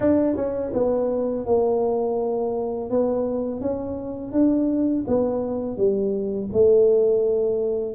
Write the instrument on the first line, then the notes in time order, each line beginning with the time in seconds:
tuba
0.00 D4
0.35 C#4
0.73 B3
1.45 A#3
2.89 B3
3.60 C#4
4.32 D4
5.07 B3
5.77 G3
6.53 A3